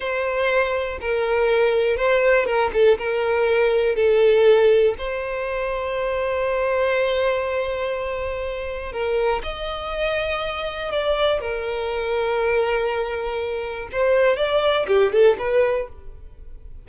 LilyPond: \new Staff \with { instrumentName = "violin" } { \time 4/4 \tempo 4 = 121 c''2 ais'2 | c''4 ais'8 a'8 ais'2 | a'2 c''2~ | c''1~ |
c''2 ais'4 dis''4~ | dis''2 d''4 ais'4~ | ais'1 | c''4 d''4 g'8 a'8 b'4 | }